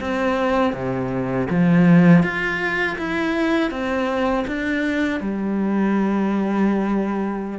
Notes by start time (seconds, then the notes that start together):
0.00 C4
0.73 C3
1.50 F3
2.23 F4
2.98 E4
3.71 C4
4.47 D4
5.21 G3